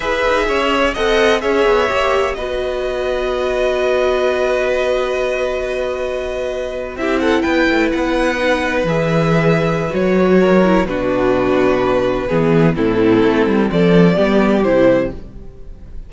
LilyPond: <<
  \new Staff \with { instrumentName = "violin" } { \time 4/4 \tempo 4 = 127 e''2 fis''4 e''4~ | e''4 dis''2.~ | dis''1~ | dis''2~ dis''8. e''8 fis''8 g''16~ |
g''8. fis''2 e''4~ e''16~ | e''4 cis''2 b'4~ | b'2. a'4~ | a'4 d''2 c''4 | }
  \new Staff \with { instrumentName = "violin" } { \time 4/4 b'4 cis''4 dis''4 cis''4~ | cis''4 b'2.~ | b'1~ | b'2~ b'8. g'8 a'8 b'16~ |
b'1~ | b'2 ais'4 fis'4~ | fis'2 gis'4 e'4~ | e'4 a'4 g'2 | }
  \new Staff \with { instrumentName = "viola" } { \time 4/4 gis'2 a'4 gis'4 | g'4 fis'2.~ | fis'1~ | fis'2~ fis'8. e'4~ e'16~ |
e'4.~ e'16 dis'4 gis'4~ gis'16~ | gis'4 fis'4. e'8 d'4~ | d'2 b4 c'4~ | c'2 b4 e'4 | }
  \new Staff \with { instrumentName = "cello" } { \time 4/4 e'8 dis'8 cis'4 c'4 cis'8 b8 | ais4 b2.~ | b1~ | b2~ b8. c'4 b16~ |
b16 a8 b2 e4~ e16~ | e4 fis2 b,4~ | b,2 e4 a,4 | a8 g8 f4 g4 c4 | }
>>